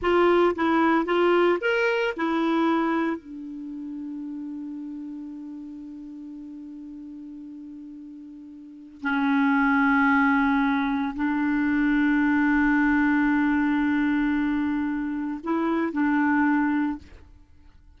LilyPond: \new Staff \with { instrumentName = "clarinet" } { \time 4/4 \tempo 4 = 113 f'4 e'4 f'4 ais'4 | e'2 d'2~ | d'1~ | d'1~ |
d'4 cis'2.~ | cis'4 d'2.~ | d'1~ | d'4 e'4 d'2 | }